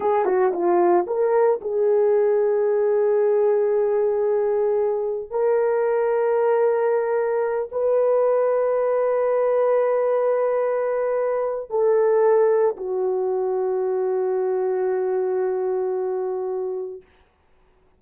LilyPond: \new Staff \with { instrumentName = "horn" } { \time 4/4 \tempo 4 = 113 gis'8 fis'8 f'4 ais'4 gis'4~ | gis'1~ | gis'2 ais'2~ | ais'2~ ais'8 b'4.~ |
b'1~ | b'2 a'2 | fis'1~ | fis'1 | }